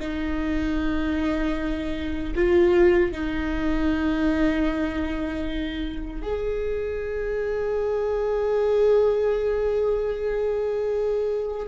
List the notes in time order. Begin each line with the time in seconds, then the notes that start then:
0.00 D#4
2.35 F4
3.12 D#4
6.22 G#4